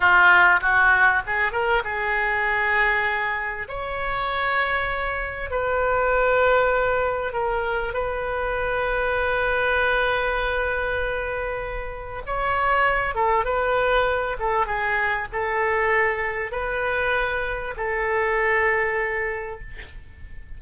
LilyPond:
\new Staff \with { instrumentName = "oboe" } { \time 4/4 \tempo 4 = 98 f'4 fis'4 gis'8 ais'8 gis'4~ | gis'2 cis''2~ | cis''4 b'2. | ais'4 b'2.~ |
b'1 | cis''4. a'8 b'4. a'8 | gis'4 a'2 b'4~ | b'4 a'2. | }